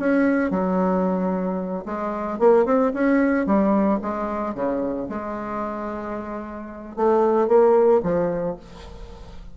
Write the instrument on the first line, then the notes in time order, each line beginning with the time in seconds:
bassoon
0.00 C#4
0.51 F#3
1.86 G#3
2.40 A#3
2.66 C4
2.94 C#4
3.47 G3
4.02 G#3
4.55 C#3
5.10 G#3
6.97 A3
7.48 A#3
8.03 F3